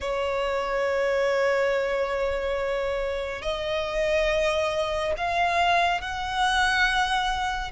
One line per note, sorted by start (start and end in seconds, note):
0.00 3.42 C#5
3.42 5.13 D#5
5.17 6.01 F5
6.01 7.71 F#5